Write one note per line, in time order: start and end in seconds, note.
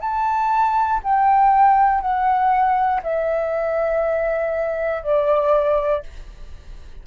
0.00 1.00 A5
1.03 2.01 G5
2.01 3.01 F#5
3.03 5.03 E5
5.03 6.03 D5